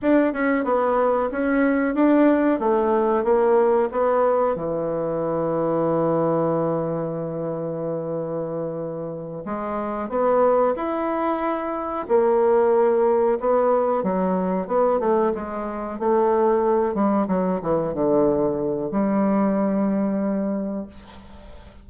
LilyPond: \new Staff \with { instrumentName = "bassoon" } { \time 4/4 \tempo 4 = 92 d'8 cis'8 b4 cis'4 d'4 | a4 ais4 b4 e4~ | e1~ | e2~ e8 gis4 b8~ |
b8 e'2 ais4.~ | ais8 b4 fis4 b8 a8 gis8~ | gis8 a4. g8 fis8 e8 d8~ | d4 g2. | }